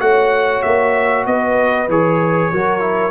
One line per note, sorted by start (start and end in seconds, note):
0.00 0.62 A3
0.00 1.88 F#4
0.00 1.28 C#5
0.00 0.62 F#5
0.62 1.26 A#3
0.62 1.25 E5
1.26 1.88 B3
1.26 2.53 B4
1.26 1.89 D#5
1.88 2.51 E3
1.88 2.53 G#4
1.88 3.11 C#5
2.52 3.11 F#3
2.52 2.80 F#4
2.52 3.11 A#4
2.80 3.11 E4